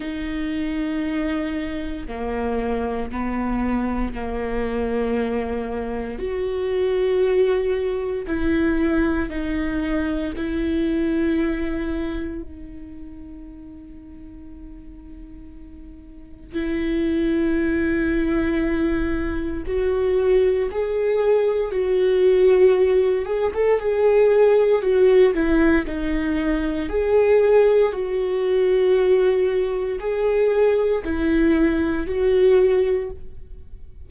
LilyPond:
\new Staff \with { instrumentName = "viola" } { \time 4/4 \tempo 4 = 58 dis'2 ais4 b4 | ais2 fis'2 | e'4 dis'4 e'2 | dis'1 |
e'2. fis'4 | gis'4 fis'4. gis'16 a'16 gis'4 | fis'8 e'8 dis'4 gis'4 fis'4~ | fis'4 gis'4 e'4 fis'4 | }